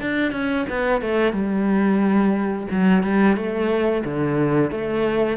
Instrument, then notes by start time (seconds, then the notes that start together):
cello
0.00 D4
0.31 C#4
0.69 B3
1.01 A3
1.32 G3
2.71 F#3
3.03 G3
3.36 A3
4.04 D3
4.71 A3